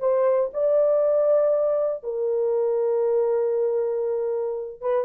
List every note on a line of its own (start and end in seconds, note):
0.00 0.50 C5
0.53 2.04 D5
2.04 4.81 A#4
4.81 5.05 B4